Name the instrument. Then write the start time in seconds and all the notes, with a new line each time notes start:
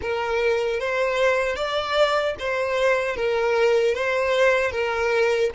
violin
0.01 A#4
0.80 C5
1.56 D5
2.39 C5
3.16 A#4
3.94 C5
4.71 A#4